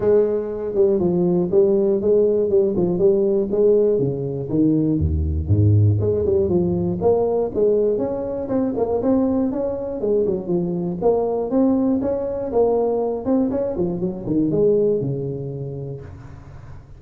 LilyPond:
\new Staff \with { instrumentName = "tuba" } { \time 4/4 \tempo 4 = 120 gis4. g8 f4 g4 | gis4 g8 f8 g4 gis4 | cis4 dis4 dis,4 gis,4 | gis8 g8 f4 ais4 gis4 |
cis'4 c'8 ais8 c'4 cis'4 | gis8 fis8 f4 ais4 c'4 | cis'4 ais4. c'8 cis'8 f8 | fis8 dis8 gis4 cis2 | }